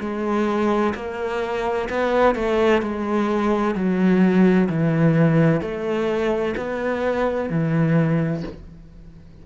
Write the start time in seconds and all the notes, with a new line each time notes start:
0.00 G#3
0.95 A#3
1.90 B3
2.35 A3
2.82 G#3
3.75 F#3
4.70 E3
5.61 A3
6.57 B3
7.50 E3